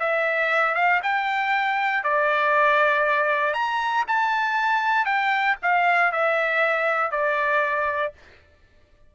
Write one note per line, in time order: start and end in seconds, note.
0.00 0.75 E5
0.75 1.01 F5
1.03 2.04 G5
2.04 3.54 D5
3.54 4.05 A#5
4.08 5.06 A5
5.06 5.57 G5
5.63 6.12 F5
6.12 7.12 E5
7.12 8.14 D5